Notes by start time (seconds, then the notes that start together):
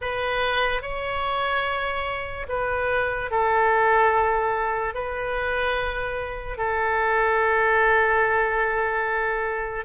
0.01 B4
0.82 C#5
2.48 B4
3.31 A4
4.94 B4
6.58 A4